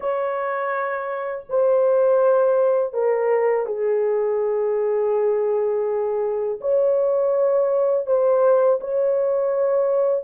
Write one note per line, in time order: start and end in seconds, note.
0.00 1.45 C#5
1.49 2.93 C5
2.93 3.66 A#4
3.66 6.59 G#4
6.61 8.06 C#5
8.06 8.79 C5
8.80 10.24 C#5